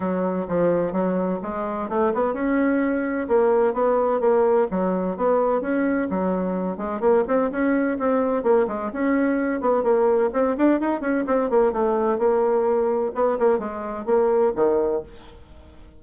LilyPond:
\new Staff \with { instrumentName = "bassoon" } { \time 4/4 \tempo 4 = 128 fis4 f4 fis4 gis4 | a8 b8 cis'2 ais4 | b4 ais4 fis4 b4 | cis'4 fis4. gis8 ais8 c'8 |
cis'4 c'4 ais8 gis8 cis'4~ | cis'8 b8 ais4 c'8 d'8 dis'8 cis'8 | c'8 ais8 a4 ais2 | b8 ais8 gis4 ais4 dis4 | }